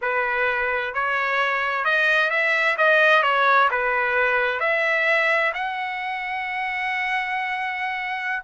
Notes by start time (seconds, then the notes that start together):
0.01 B4
0.94 C#5
1.84 D#5
2.30 E5
2.77 D#5
3.22 C#5
3.70 B4
4.59 E5
5.54 F#5